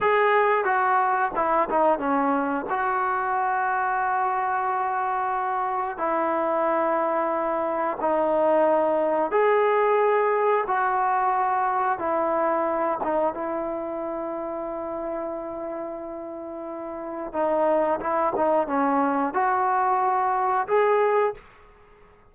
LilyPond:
\new Staff \with { instrumentName = "trombone" } { \time 4/4 \tempo 4 = 90 gis'4 fis'4 e'8 dis'8 cis'4 | fis'1~ | fis'4 e'2. | dis'2 gis'2 |
fis'2 e'4. dis'8 | e'1~ | e'2 dis'4 e'8 dis'8 | cis'4 fis'2 gis'4 | }